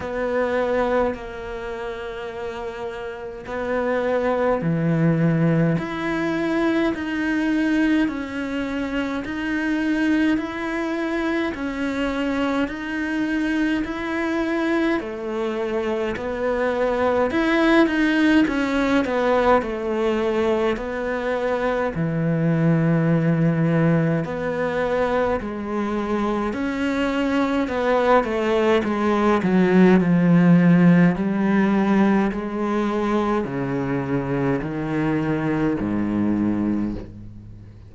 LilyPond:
\new Staff \with { instrumentName = "cello" } { \time 4/4 \tempo 4 = 52 b4 ais2 b4 | e4 e'4 dis'4 cis'4 | dis'4 e'4 cis'4 dis'4 | e'4 a4 b4 e'8 dis'8 |
cis'8 b8 a4 b4 e4~ | e4 b4 gis4 cis'4 | b8 a8 gis8 fis8 f4 g4 | gis4 cis4 dis4 gis,4 | }